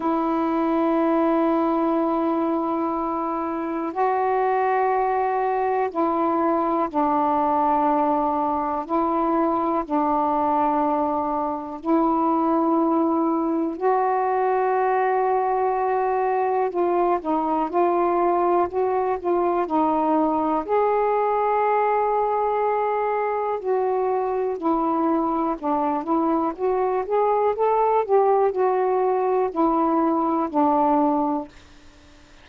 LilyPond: \new Staff \with { instrumentName = "saxophone" } { \time 4/4 \tempo 4 = 61 e'1 | fis'2 e'4 d'4~ | d'4 e'4 d'2 | e'2 fis'2~ |
fis'4 f'8 dis'8 f'4 fis'8 f'8 | dis'4 gis'2. | fis'4 e'4 d'8 e'8 fis'8 gis'8 | a'8 g'8 fis'4 e'4 d'4 | }